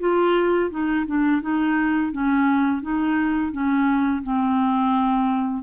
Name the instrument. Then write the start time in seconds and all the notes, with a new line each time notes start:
clarinet
0.00 F4
0.71 D#4
1.07 D4
1.42 D#4
2.12 C#4
2.82 D#4
3.53 C#4
4.24 C4